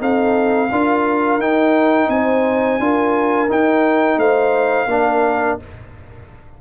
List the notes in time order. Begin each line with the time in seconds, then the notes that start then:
0.00 C4 D#4 A4 F5
0.72 D4 F4 A#4
1.39 D#4 G5
2.09 C4 G#5
2.16 C5
2.80 D4 F4 A#4
3.49 D#4 G5
4.17 A3 C5 F5
4.87 A#3 D4 A#4